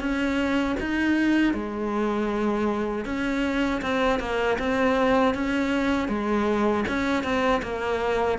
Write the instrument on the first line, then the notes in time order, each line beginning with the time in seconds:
cello
0.00 C#4
0.80 D#4
1.54 G#3
3.05 C#4
3.82 C4
4.20 A#3
4.59 C4
5.34 C#4
6.09 G#3
6.88 C#4
7.24 C4
7.62 A#3